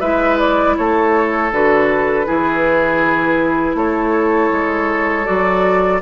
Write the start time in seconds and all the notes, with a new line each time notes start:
0.00 G#3 E4 B4 E5
0.38 D5
0.77 A3 A4 C#5
1.52 D3 F#4 B4
2.25 E3 E4 G#4
3.75 A3 A4 C#5
4.51 G#3
5.25 F#3 F#4 D5